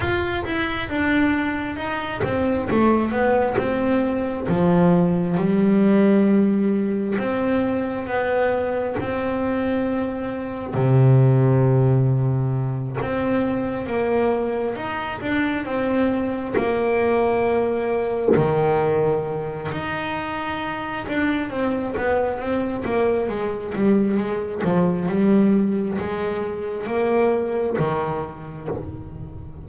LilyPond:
\new Staff \with { instrumentName = "double bass" } { \time 4/4 \tempo 4 = 67 f'8 e'8 d'4 dis'8 c'8 a8 b8 | c'4 f4 g2 | c'4 b4 c'2 | c2~ c8 c'4 ais8~ |
ais8 dis'8 d'8 c'4 ais4.~ | ais8 dis4. dis'4. d'8 | c'8 b8 c'8 ais8 gis8 g8 gis8 f8 | g4 gis4 ais4 dis4 | }